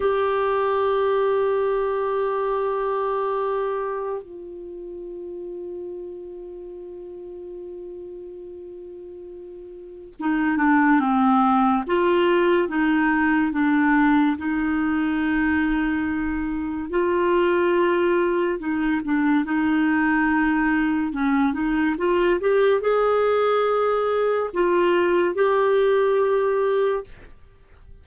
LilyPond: \new Staff \with { instrumentName = "clarinet" } { \time 4/4 \tempo 4 = 71 g'1~ | g'4 f'2.~ | f'1 | dis'8 d'8 c'4 f'4 dis'4 |
d'4 dis'2. | f'2 dis'8 d'8 dis'4~ | dis'4 cis'8 dis'8 f'8 g'8 gis'4~ | gis'4 f'4 g'2 | }